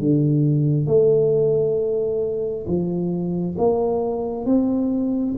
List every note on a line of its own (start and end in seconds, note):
0.00 0.87 D3
0.87 2.66 A3
2.67 3.57 F3
3.58 4.46 A#3
4.46 5.35 C4